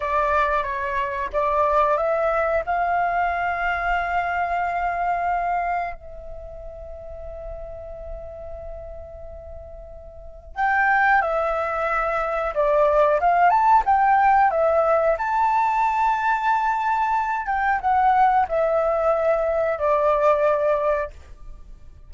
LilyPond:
\new Staff \with { instrumentName = "flute" } { \time 4/4 \tempo 4 = 91 d''4 cis''4 d''4 e''4 | f''1~ | f''4 e''2.~ | e''1 |
g''4 e''2 d''4 | f''8 a''8 g''4 e''4 a''4~ | a''2~ a''8 g''8 fis''4 | e''2 d''2 | }